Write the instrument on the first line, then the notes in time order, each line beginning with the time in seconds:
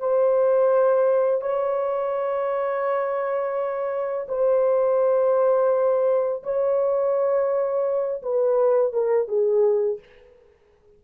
horn
0.00 C5
1.41 C#5
4.29 C5
6.44 C#5
8.23 B4
8.93 A#4
9.28 G#4